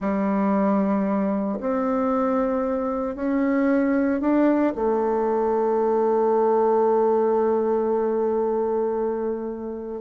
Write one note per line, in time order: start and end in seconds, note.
0.00 1.58 G3
1.60 3.15 C4
3.15 4.20 C#4
4.20 4.73 D4
4.75 10.01 A3